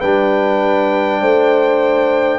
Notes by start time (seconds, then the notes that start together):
0.00 G3 D4 B4 G5
1.20 A3 C5